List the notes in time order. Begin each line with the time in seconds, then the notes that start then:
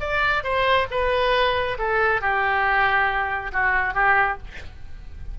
0.00 D5
0.44 C5
0.91 B4
1.79 A4
2.22 G4
3.53 F#4
3.94 G4